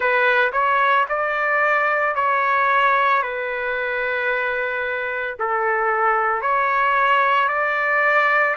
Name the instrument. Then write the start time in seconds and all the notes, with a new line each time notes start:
trumpet
0.00 B4
0.52 C#5
1.09 D5
2.15 C#5
3.22 B4
5.39 A4
6.41 C#5
7.48 D5